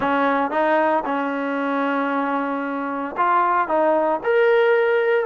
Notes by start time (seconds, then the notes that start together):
0.00 C#4
0.50 D#4
1.05 C#4
3.17 F4
3.67 D#4
4.23 A#4